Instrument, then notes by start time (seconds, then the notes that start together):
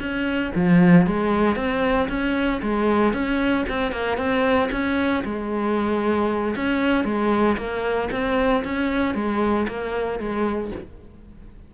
cello
0.00 C#4
0.55 F3
1.07 G#3
1.56 C4
2.09 C#4
2.63 G#3
3.14 C#4
3.69 C4
3.92 A#3
4.18 C4
4.72 C#4
5.25 G#3
6.56 C#4
7.05 G#3
7.57 A#3
8.12 C4
8.64 C#4
9.15 G#3
9.69 A#3
10.20 G#3